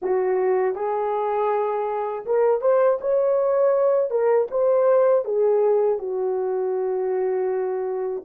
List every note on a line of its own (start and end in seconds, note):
0.02 0.75 F#4
0.75 2.25 G#4
2.25 2.61 A#4
2.61 2.98 C5
3.00 4.10 C#5
4.10 4.48 A#4
4.50 5.24 C5
5.24 5.99 G#4
5.99 8.24 F#4